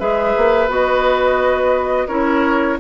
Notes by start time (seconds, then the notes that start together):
0.00 G#3 G#4 B4 E5
0.37 A#3
0.68 B3 F#4 D#5
2.08 C#4 E4 A#4 C#5